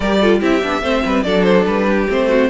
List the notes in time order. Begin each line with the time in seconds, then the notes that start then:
0.00 G3 G4 A#4 D5
0.20 F4 A4
0.40 C4 E4 G4 E5
0.62 B3 D4
0.82 A3 C4 C5
1.05 G3 B4
1.22 F#3 D4 A4 D5
1.43 C5
1.66 G3 B4
1.89 G4
2.09 A3 C4 C5
2.29 F#4